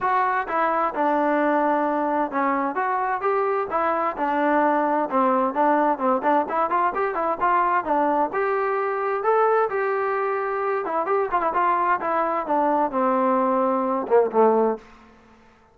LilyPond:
\new Staff \with { instrumentName = "trombone" } { \time 4/4 \tempo 4 = 130 fis'4 e'4 d'2~ | d'4 cis'4 fis'4 g'4 | e'4 d'2 c'4 | d'4 c'8 d'8 e'8 f'8 g'8 e'8 |
f'4 d'4 g'2 | a'4 g'2~ g'8 e'8 | g'8 f'16 e'16 f'4 e'4 d'4 | c'2~ c'8 ais8 a4 | }